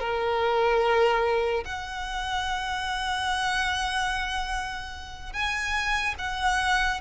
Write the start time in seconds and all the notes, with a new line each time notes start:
0.00 A#4
1.65 F#5
5.33 G#5
6.19 F#5